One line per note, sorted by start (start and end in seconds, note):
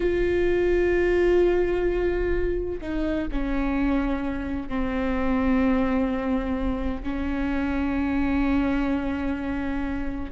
0.00 2.80 F4
2.81 3.28 D#4
3.31 4.69 C#4
4.69 7.03 C4
7.03 10.31 C#4